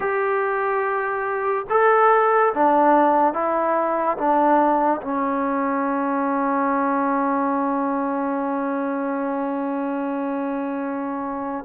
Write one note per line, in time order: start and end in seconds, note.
0.00 1.65 G4
1.69 2.53 A4
2.54 3.33 D4
3.33 4.17 E4
4.17 5.00 D4
5.01 11.64 C#4